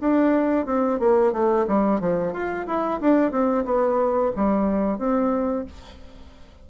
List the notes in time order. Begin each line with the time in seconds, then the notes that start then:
0.00 D4
0.66 C4
0.99 A#3
1.33 A3
1.67 G3
2.00 F3
2.33 F4
2.67 E4
3.01 D4
3.31 C4
3.65 B3
4.36 G3
4.98 C4